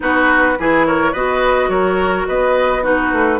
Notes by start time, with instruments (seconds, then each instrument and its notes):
0.00 bassoon B3, clarinet D#4, oboe F#4, flute B4
0.59 bassoon E3, clarinet E4, oboe G#4
0.86 oboe A#4, flute C#5
1.12 bassoon B3, clarinet F#4, oboe B4, flute D#5
1.68 bassoon F#3, oboe A#4, flute C#5
2.27 bassoon B3, oboe B4, flute D#5
2.82 clarinet D#4, oboe F#4, flute B4
3.12 bassoon A3